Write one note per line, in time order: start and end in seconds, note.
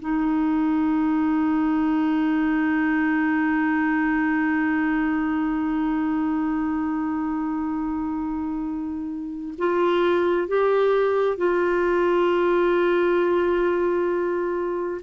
0.00 9.55 D#4
9.59 10.48 F4
10.48 11.38 G4
11.38 15.02 F4